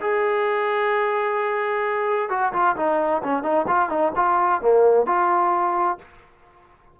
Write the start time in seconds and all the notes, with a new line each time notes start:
0.00 G#4
2.29 F#4
2.53 F4
2.76 D#4
3.23 C#4
3.42 D#4
3.67 F4
3.89 D#4
4.16 F4
4.61 A#3
5.06 F4